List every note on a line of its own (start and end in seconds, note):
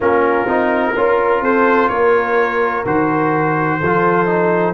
0.00 0.45 A#3
0.00 0.47 C#4
0.00 0.93 F4
0.00 1.44 A#4
0.45 0.93 C4
0.45 0.95 D#4
0.95 1.41 C#4
0.95 2.85 F4
0.95 1.42 A#4
1.41 1.88 C4
1.41 1.90 A4
1.41 1.88 C5
1.88 2.84 A#3
1.88 3.79 A#4
1.88 2.84 C#5
2.85 3.81 D#3
2.85 3.81 F#4
2.85 4.74 C5
3.79 4.74 F3
3.79 4.26 F4
3.79 4.74 A4
4.26 4.74 D#4